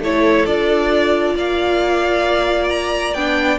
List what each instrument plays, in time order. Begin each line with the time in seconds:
0.00 cello A3, viola E4, violin A4 C#5
0.46 cello D4, viola F4, violin D5
1.35 cello A#3, violin D5 F5
2.69 violin A#5
3.14 cello B3, viola D4, violin G5